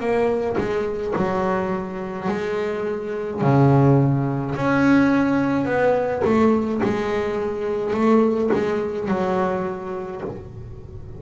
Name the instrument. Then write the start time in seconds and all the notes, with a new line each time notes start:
double bass
0.00 A#3
0.58 G#3
1.16 F#3
2.28 G#3
3.42 C#3
4.55 C#4
5.66 B3
6.25 A3
6.84 G#3
7.94 A3
8.54 G#3
9.09 F#3